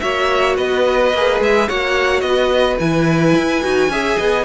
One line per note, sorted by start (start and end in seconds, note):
0.00 0.57 A#3
0.00 1.12 F#4
0.00 0.57 C#5
0.00 0.56 E5
0.57 1.13 B3
0.57 1.68 B4
0.57 1.41 D#5
1.13 1.40 A#3
1.13 1.68 G#4
1.40 1.68 G#3
1.40 1.69 E5
1.68 2.22 A#3
1.68 2.79 F#4
1.68 2.23 C#5
1.68 2.21 F#5
2.21 2.77 B3
2.21 2.76 D#5
2.29 3.91 B4
2.80 3.35 E3
2.80 3.62 E4
2.80 4.45 G#5
3.36 3.63 E4
3.62 3.89 D#4
3.62 3.90 F#4
3.89 4.16 C#4
3.89 4.45 G#4
3.89 4.18 E5
4.18 4.45 B3
4.18 4.45 D#5